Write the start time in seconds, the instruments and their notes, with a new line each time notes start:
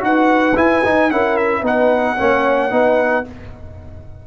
0.00 tuba D#4, trombone F#4, horn B4, trumpet F#5
0.55 trombone E4, tuba E4, trumpet G#5
0.84 tuba D#4, trombone D#4
1.11 tuba C#4, trombone E4, horn A#4, trumpet F#5
1.37 trumpet E5
1.61 tuba B3, trombone D#4, horn B4, trumpet F#5
2.17 tuba A#3, trombone C#4, horn C#5
2.71 tuba B3, trombone D#4, horn B4